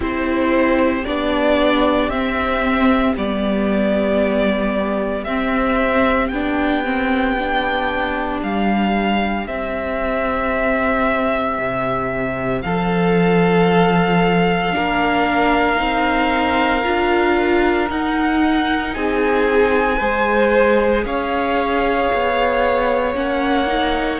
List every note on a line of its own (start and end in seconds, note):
0.00 1.03 C4
0.00 1.04 E4
0.00 12.62 G4
0.00 1.04 C5
1.04 2.08 B3
1.04 2.11 D4
1.04 2.09 D5
2.08 3.13 C4
2.08 3.16 C4
2.08 3.14 E5
3.16 5.25 G3
3.16 5.27 B3
3.16 5.23 D5
5.23 6.31 C4
5.23 6.32 C4
5.23 6.28 E5
6.28 8.41 B3
6.28 6.84 D4
6.28 8.39 G5
6.84 7.37 C4
7.38 9.47 D4
8.42 9.47 G3
8.42 9.47 F5
9.47 14.72 C4
9.47 11.58 C4
9.47 12.61 E5
11.58 12.63 C3
12.61 14.74 F3
12.61 14.75 A4
12.61 17.87 F5
14.72 15.79 A#3
14.72 15.76 D4
14.72 18.95 A#4
15.76 16.84 C4
15.76 16.81 D#4
16.83 17.90 D4
16.83 17.88 F4
17.88 19.98 D#4
17.88 18.95 D#4
17.88 18.94 F#5
18.94 20.00 C4
18.94 19.97 G#4
18.94 21.04 G#5
19.97 21.04 G#3
19.97 23.14 G#4
19.97 21.02 C5
21.04 22.10 C#4
21.04 24.20 C#5
21.04 23.15 F5
22.13 23.15 B3
23.14 24.20 A#3
23.14 23.66 C#4
23.14 24.20 F#5
23.66 24.19 D#4